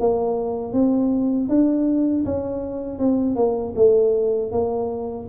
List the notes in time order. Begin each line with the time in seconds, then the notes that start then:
0.00 A#3
0.73 C4
1.49 D4
2.25 C#4
2.99 C4
3.36 A#3
3.76 A3
4.52 A#3